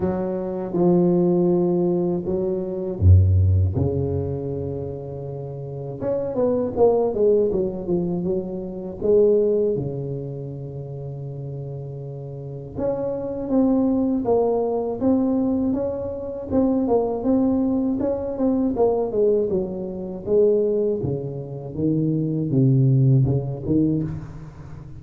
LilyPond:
\new Staff \with { instrumentName = "tuba" } { \time 4/4 \tempo 4 = 80 fis4 f2 fis4 | fis,4 cis2. | cis'8 b8 ais8 gis8 fis8 f8 fis4 | gis4 cis2.~ |
cis4 cis'4 c'4 ais4 | c'4 cis'4 c'8 ais8 c'4 | cis'8 c'8 ais8 gis8 fis4 gis4 | cis4 dis4 c4 cis8 dis8 | }